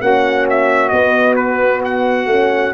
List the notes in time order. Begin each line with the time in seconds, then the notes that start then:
0.00 A#3 C#4 F#4 F#5
0.49 E5
0.88 B3 D#5
1.35 B4
1.84 F#5
2.26 A3 C#4